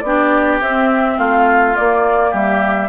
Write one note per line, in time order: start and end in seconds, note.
0.00 0.60 B3
0.00 0.63 D4
0.00 1.17 G4
0.00 0.58 D5
0.61 1.18 C4
0.61 1.75 C4
0.61 1.18 E5
1.17 1.76 A3
1.17 2.31 F4
1.17 1.76 F5
1.75 2.89 A#3
1.75 2.33 A#3
1.75 2.34 D5
2.31 2.89 G3
2.31 2.88 G4
2.31 2.89 E5